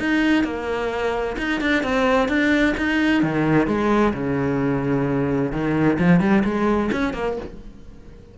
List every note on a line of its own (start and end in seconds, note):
0.00 0.44 D#4
0.44 1.37 A#3
1.38 1.61 D#4
1.61 1.84 D4
1.84 2.29 C4
2.29 2.75 D4
2.77 3.23 D#4
3.23 3.67 D#3
3.67 4.13 G#3
4.14 5.52 C#3
5.52 5.98 D#3
5.99 6.20 F3
6.20 6.43 G3
6.44 6.91 G#3
6.92 7.14 C#4
7.14 7.37 A#3